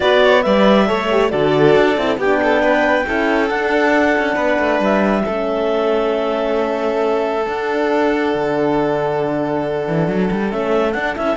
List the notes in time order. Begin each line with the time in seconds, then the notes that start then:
0.00 B3 F#4 B4 D5
0.23 C#5
0.42 G3 B4 D5 E5
0.87 A3 A4 C#5
1.11 G4
1.29 D3 F#4 A4 D5
1.75 D4
1.97 C4 E4
2.17 B3 D4 G4 G5
2.43 A4
2.62 B4
3.05 C#4 E4 A4
3.49 D4 F#5
4.18 C#4
4.34 B3 B4
4.58 A3
4.79 G3 E5
5.24 A3 C#4 A4
7.46 D4 F#5
8.34 D3
9.87 E3
10.07 F#3
10.31 G3
10.49 A3 C#4 E5
10.92 D4 F#5
11.15 C#4 E4 E5